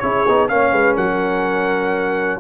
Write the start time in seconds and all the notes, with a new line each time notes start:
0.00 C#4 E4 G#4 C#5
0.28 B3 D#4
0.48 A#3 C#4 C#5 F5
0.72 G#3 B4
0.96 F#3 A#4 F#5